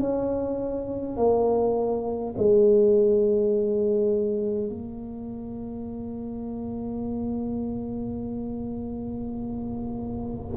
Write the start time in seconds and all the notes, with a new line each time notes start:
0.00 C#4
1.17 A#3
2.37 G#3
4.69 A#3